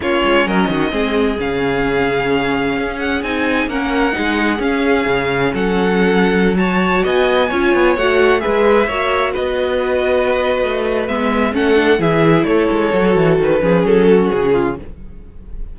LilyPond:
<<
  \new Staff \with { instrumentName = "violin" } { \time 4/4 \tempo 4 = 130 cis''4 dis''2 f''4~ | f''2~ f''8 fis''8 gis''4 | fis''2 f''2 | fis''2~ fis''16 a''4 gis''8.~ |
gis''4~ gis''16 fis''4 e''4.~ e''16~ | e''16 dis''2.~ dis''8. | e''4 fis''4 e''4 cis''4~ | cis''4 b'4 a'4 gis'4 | }
  \new Staff \with { instrumentName = "violin" } { \time 4/4 f'4 ais'8 fis'8 gis'2~ | gis'1 | ais'4 gis'2. | a'2~ a'16 cis''4 dis''8.~ |
dis''16 cis''2 b'4 cis''8.~ | cis''16 b'2.~ b'8.~ | b'4 a'4 gis'4 a'4~ | a'4. gis'4 fis'4 f'8 | }
  \new Staff \with { instrumentName = "viola" } { \time 4/4 cis'2 c'4 cis'4~ | cis'2. dis'4 | cis'4 dis'4 cis'2~ | cis'2~ cis'16 fis'4.~ fis'16~ |
fis'16 f'4 fis'4 gis'4 fis'8.~ | fis'1 | b4 cis'8 d'8 e'2 | fis'4. cis'2~ cis'8 | }
  \new Staff \with { instrumentName = "cello" } { \time 4/4 ais8 gis8 fis8 dis8 gis4 cis4~ | cis2 cis'4 c'4 | ais4 gis4 cis'4 cis4 | fis2.~ fis16 b8.~ |
b16 cis'8 b8 a4 gis4 ais8.~ | ais16 b2~ b8. a4 | gis4 a4 e4 a8 gis8 | fis8 e8 dis8 f8 fis4 cis4 | }
>>